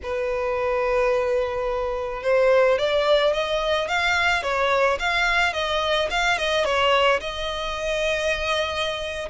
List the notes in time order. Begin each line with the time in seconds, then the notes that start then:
0.03 B4
2.22 C5
2.78 D5
3.33 D#5
3.88 F5
4.42 C#5
4.98 F5
5.53 D#5
6.10 F5
6.38 D#5
6.64 C#5
7.20 D#5